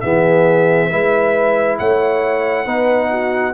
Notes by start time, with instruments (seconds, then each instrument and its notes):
0.00 tuba E3, trombone B3, horn G#4, trumpet E5
0.90 tuba G#3, trombone E4, horn B4
1.78 tuba A3, horn C#5, trumpet F#5
2.65 tuba B3, trombone D#4, horn B4
3.10 horn F#4